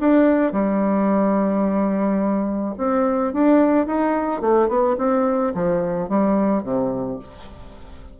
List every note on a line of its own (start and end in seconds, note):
0.00 0.53 D4
0.53 2.75 G3
2.78 3.33 C4
3.33 3.86 D4
3.86 4.41 D#4
4.41 4.68 A3
4.68 4.96 B3
4.98 5.54 C4
5.54 6.09 F3
6.09 6.63 G3
6.63 7.19 C3